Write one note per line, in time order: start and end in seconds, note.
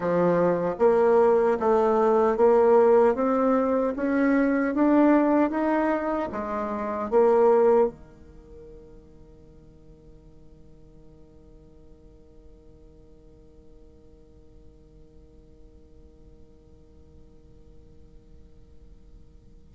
0.00 0.75 F3
0.79 1.58 A#3
1.59 2.36 A3
2.36 3.14 A#3
3.14 3.93 C4
3.95 4.74 C#4
4.74 5.50 D4
5.50 6.29 D#4
6.32 7.10 G#3
7.10 7.88 A#3
7.88 19.73 D#3